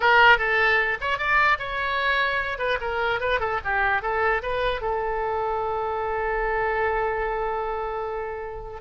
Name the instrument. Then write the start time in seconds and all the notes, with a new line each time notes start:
oboe
0.00 A#4
0.37 A4
1.00 C#5
1.17 D5
1.59 C#5
2.58 B4
2.80 A#4
3.20 B4
3.40 A4
3.64 G4
4.01 A4
4.42 B4
4.81 A4